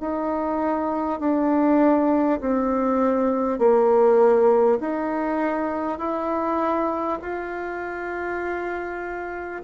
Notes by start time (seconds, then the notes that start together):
0.00 D#4
1.19 D4
2.41 C4
3.58 A#3
4.81 D#4
5.98 E4
7.22 F4